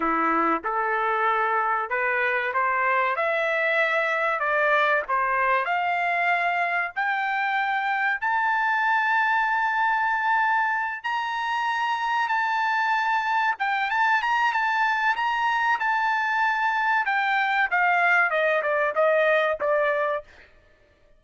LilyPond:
\new Staff \with { instrumentName = "trumpet" } { \time 4/4 \tempo 4 = 95 e'4 a'2 b'4 | c''4 e''2 d''4 | c''4 f''2 g''4~ | g''4 a''2.~ |
a''4. ais''2 a''8~ | a''4. g''8 a''8 ais''8 a''4 | ais''4 a''2 g''4 | f''4 dis''8 d''8 dis''4 d''4 | }